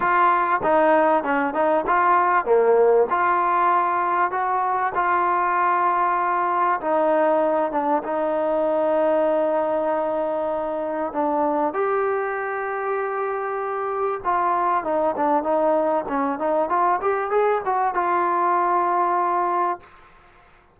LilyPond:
\new Staff \with { instrumentName = "trombone" } { \time 4/4 \tempo 4 = 97 f'4 dis'4 cis'8 dis'8 f'4 | ais4 f'2 fis'4 | f'2. dis'4~ | dis'8 d'8 dis'2.~ |
dis'2 d'4 g'4~ | g'2. f'4 | dis'8 d'8 dis'4 cis'8 dis'8 f'8 g'8 | gis'8 fis'8 f'2. | }